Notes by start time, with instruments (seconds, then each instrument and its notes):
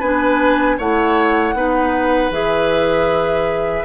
0.00 bassoon B3, clarinet D4, oboe B4, flute G#5
0.78 bassoon A3, clarinet E4, oboe C#5, flute F#5
1.54 bassoon B3, clarinet D#4, oboe B4
2.31 bassoon E3, clarinet G#4, flute E5